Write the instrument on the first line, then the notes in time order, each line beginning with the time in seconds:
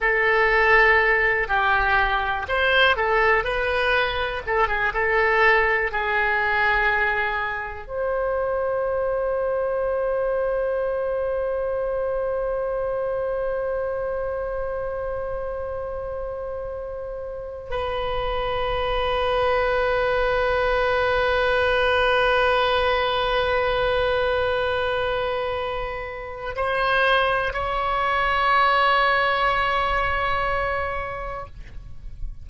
oboe
0.00 A4
1.48 G4
2.48 C5
2.96 A4
3.44 B4
4.46 A4
4.68 G#4
4.93 A4
5.92 G#4
7.87 C5
17.70 B4
26.56 C5
27.53 C#5